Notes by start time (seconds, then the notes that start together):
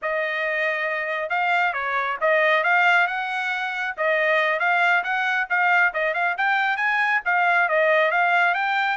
0.02 D#5
1.29 F5
1.73 C#5
2.20 D#5
2.63 F5
3.07 F#5
3.97 D#5
4.59 F5
5.03 F#5
5.49 F5
5.93 D#5
6.14 F5
6.37 G5
6.76 G#5
7.25 F5
7.68 D#5
8.11 F5
8.54 G5